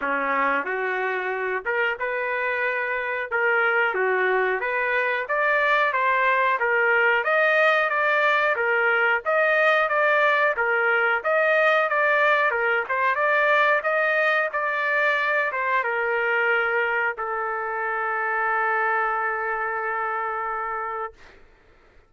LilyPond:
\new Staff \with { instrumentName = "trumpet" } { \time 4/4 \tempo 4 = 91 cis'4 fis'4. ais'8 b'4~ | b'4 ais'4 fis'4 b'4 | d''4 c''4 ais'4 dis''4 | d''4 ais'4 dis''4 d''4 |
ais'4 dis''4 d''4 ais'8 c''8 | d''4 dis''4 d''4. c''8 | ais'2 a'2~ | a'1 | }